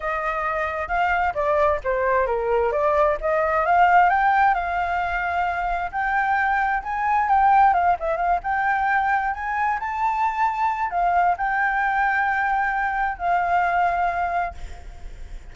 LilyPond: \new Staff \with { instrumentName = "flute" } { \time 4/4 \tempo 4 = 132 dis''2 f''4 d''4 | c''4 ais'4 d''4 dis''4 | f''4 g''4 f''2~ | f''4 g''2 gis''4 |
g''4 f''8 e''8 f''8 g''4.~ | g''8 gis''4 a''2~ a''8 | f''4 g''2.~ | g''4 f''2. | }